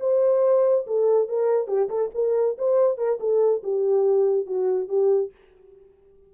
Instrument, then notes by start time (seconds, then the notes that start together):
horn
0.00 C5
0.87 A4
1.29 A#4
1.68 G4
1.89 A4
2.15 A#4
2.58 C5
2.98 A#4
3.20 A4
3.63 G4
4.46 F#4
4.89 G4